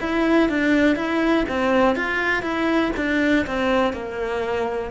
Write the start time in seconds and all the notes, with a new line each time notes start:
0.00 E4
0.49 D4
0.95 E4
1.48 C4
1.95 F4
2.42 E4
2.96 D4
3.46 C4
3.93 A#3